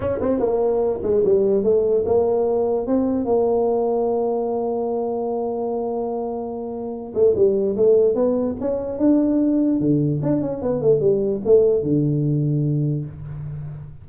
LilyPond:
\new Staff \with { instrumentName = "tuba" } { \time 4/4 \tempo 4 = 147 cis'8 c'8 ais4. gis8 g4 | a4 ais2 c'4 | ais1~ | ais1~ |
ais4. a8 g4 a4 | b4 cis'4 d'2 | d4 d'8 cis'8 b8 a8 g4 | a4 d2. | }